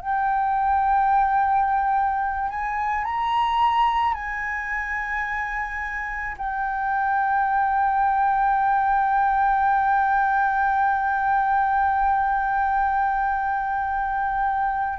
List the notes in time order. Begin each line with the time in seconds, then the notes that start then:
0.00 G5
2.49 G#5
3.04 A#5
4.14 G#5
6.37 G5